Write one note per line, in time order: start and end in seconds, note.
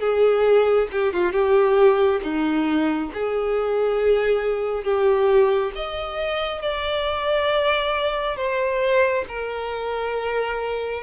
0.00 0.88 G#4
0.92 1.14 G4
1.14 1.32 F4
1.32 2.21 G4
2.23 3.12 D#4
3.14 4.84 G#4
4.84 5.72 G4
5.76 6.62 D#5
6.62 8.37 D5
8.37 9.25 C5
9.28 11.04 A#4